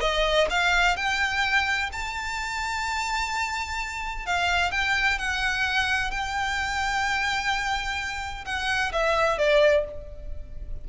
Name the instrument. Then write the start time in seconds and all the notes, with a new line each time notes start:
violin
0.00 D#5
0.50 F5
0.96 G5
1.92 A5
4.26 F5
4.71 G5
5.18 F#5
6.10 G5
8.45 F#5
8.92 E5
9.38 D5